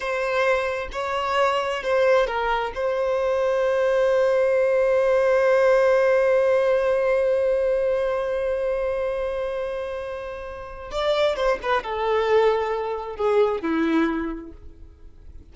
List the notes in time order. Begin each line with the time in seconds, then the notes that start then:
0.00 C5
0.92 C#5
1.83 C5
2.26 A#4
2.74 C5
10.91 D5
11.36 C5
11.62 B4
11.83 A4
13.16 G#4
13.61 E4